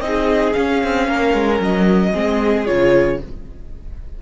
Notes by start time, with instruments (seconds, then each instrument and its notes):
0.00 cello C4, viola D#4, violin G#4 D#5
0.54 viola C#4, cello C#4, violin F5
0.83 cello C4
1.08 cello A#3, violin A#4
1.34 cello G#3
1.60 cello F#3, violin D#5
2.11 cello G#3, viola C4, violin G#4
2.66 cello C#3, viola F4, violin C#5